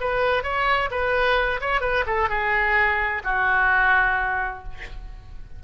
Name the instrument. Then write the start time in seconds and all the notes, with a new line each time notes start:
oboe
0.00 B4
0.43 C#5
0.90 B4
1.60 C#5
1.81 B4
2.06 A4
2.29 G#4
3.24 F#4